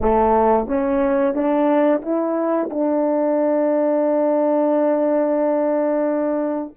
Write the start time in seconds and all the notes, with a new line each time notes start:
0.01 A3
0.67 C#4
1.34 D4
2.01 E4
2.70 D4